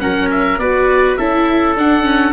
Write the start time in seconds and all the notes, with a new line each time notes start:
0.00 F#3 C#4 A#4 F#5
0.31 E5
0.58 B3 F#4 B4 D5
1.17 C#4 E4 A4 E5
1.76 D4 F#5
2.03 C#4